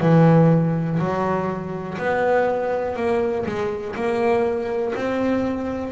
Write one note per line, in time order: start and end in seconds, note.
0.00 0.98 E3
0.99 1.97 F#3
1.98 2.96 B3
2.96 3.45 A#3
3.46 3.95 G#3
3.95 4.94 A#3
4.95 5.92 C4